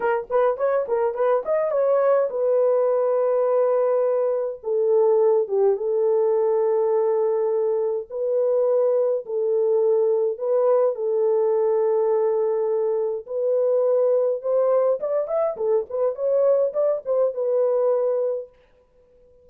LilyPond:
\new Staff \with { instrumentName = "horn" } { \time 4/4 \tempo 4 = 104 ais'8 b'8 cis''8 ais'8 b'8 dis''8 cis''4 | b'1 | a'4. g'8 a'2~ | a'2 b'2 |
a'2 b'4 a'4~ | a'2. b'4~ | b'4 c''4 d''8 e''8 a'8 b'8 | cis''4 d''8 c''8 b'2 | }